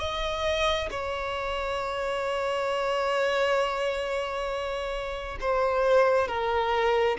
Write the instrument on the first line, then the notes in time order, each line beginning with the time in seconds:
violin
0.00 D#5
0.91 C#5
5.41 C5
6.28 A#4